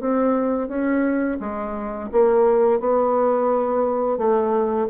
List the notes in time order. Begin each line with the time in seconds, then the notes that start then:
0.00 C4
0.68 C#4
1.40 G#3
2.12 A#3
2.80 B3
4.18 A3